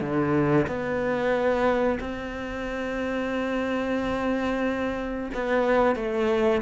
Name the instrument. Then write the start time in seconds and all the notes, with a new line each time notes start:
cello
0.00 D3
0.67 B3
2.00 C4
5.33 B3
5.96 A3